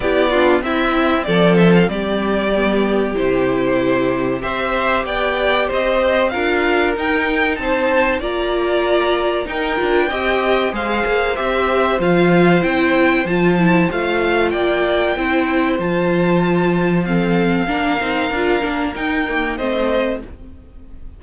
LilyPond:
<<
  \new Staff \with { instrumentName = "violin" } { \time 4/4 \tempo 4 = 95 d''4 e''4 d''8 e''16 f''16 d''4~ | d''4 c''2 e''4 | g''4 dis''4 f''4 g''4 | a''4 ais''2 g''4~ |
g''4 f''4 e''4 f''4 | g''4 a''4 f''4 g''4~ | g''4 a''2 f''4~ | f''2 g''4 dis''4 | }
  \new Staff \with { instrumentName = "violin" } { \time 4/4 g'8 f'8 e'4 a'4 g'4~ | g'2. c''4 | d''4 c''4 ais'2 | c''4 d''2 ais'4 |
dis''4 c''2.~ | c''2. d''4 | c''2. a'4 | ais'2. c''4 | }
  \new Staff \with { instrumentName = "viola" } { \time 4/4 e'8 d'8 c'2. | b4 e'2 g'4~ | g'2 f'4 dis'4~ | dis'4 f'2 dis'8 f'8 |
g'4 gis'4 g'4 f'4 | e'4 f'8 e'8 f'2 | e'4 f'2 c'4 | d'8 dis'8 f'8 d'8 dis'8 ais8 c'4 | }
  \new Staff \with { instrumentName = "cello" } { \time 4/4 b4 c'4 f4 g4~ | g4 c2 c'4 | b4 c'4 d'4 dis'4 | c'4 ais2 dis'8 d'8 |
c'4 gis8 ais8 c'4 f4 | c'4 f4 a4 ais4 | c'4 f2. | ais8 c'8 d'8 ais8 dis'4 a4 | }
>>